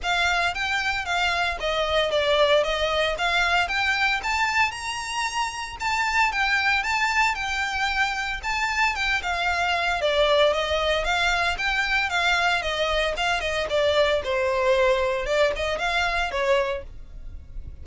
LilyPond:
\new Staff \with { instrumentName = "violin" } { \time 4/4 \tempo 4 = 114 f''4 g''4 f''4 dis''4 | d''4 dis''4 f''4 g''4 | a''4 ais''2 a''4 | g''4 a''4 g''2 |
a''4 g''8 f''4. d''4 | dis''4 f''4 g''4 f''4 | dis''4 f''8 dis''8 d''4 c''4~ | c''4 d''8 dis''8 f''4 cis''4 | }